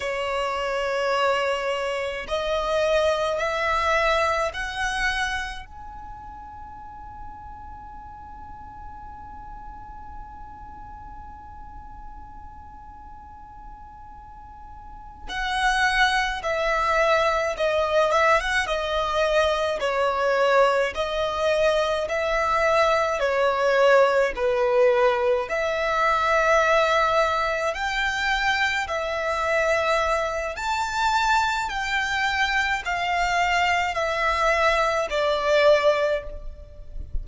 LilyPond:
\new Staff \with { instrumentName = "violin" } { \time 4/4 \tempo 4 = 53 cis''2 dis''4 e''4 | fis''4 gis''2.~ | gis''1~ | gis''4. fis''4 e''4 dis''8 |
e''16 fis''16 dis''4 cis''4 dis''4 e''8~ | e''8 cis''4 b'4 e''4.~ | e''8 g''4 e''4. a''4 | g''4 f''4 e''4 d''4 | }